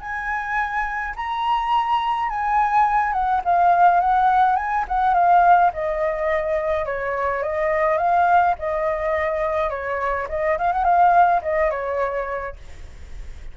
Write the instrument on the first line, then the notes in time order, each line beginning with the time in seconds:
flute
0.00 G#5
1.16 A#5
2.29 G#5
3.12 F#5
3.44 F5
4.00 F#5
4.56 G#5
4.88 F#5
5.14 F5
5.73 D#5
6.85 C#5
7.43 D#5
7.98 F5
8.58 D#5
9.70 C#5
10.29 D#5
10.58 F5
10.72 F#5
10.84 F5
11.42 D#5
11.70 C#5